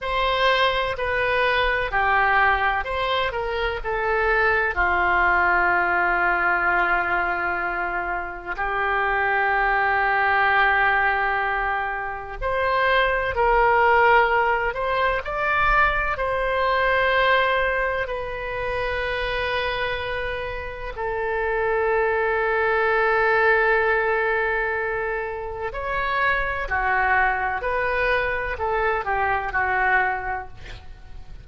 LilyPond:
\new Staff \with { instrumentName = "oboe" } { \time 4/4 \tempo 4 = 63 c''4 b'4 g'4 c''8 ais'8 | a'4 f'2.~ | f'4 g'2.~ | g'4 c''4 ais'4. c''8 |
d''4 c''2 b'4~ | b'2 a'2~ | a'2. cis''4 | fis'4 b'4 a'8 g'8 fis'4 | }